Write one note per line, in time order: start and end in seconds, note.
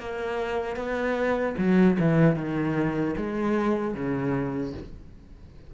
0.00 0.77 A#3
0.77 1.56 B3
1.58 1.98 F#3
2.00 2.36 E3
2.36 3.15 D#3
3.17 3.95 G#3
3.95 4.74 C#3